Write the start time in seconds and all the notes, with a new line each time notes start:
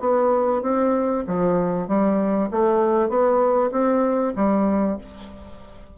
0.00 B3
0.62 C4
1.27 F3
1.87 G3
2.51 A3
3.09 B3
3.71 C4
4.36 G3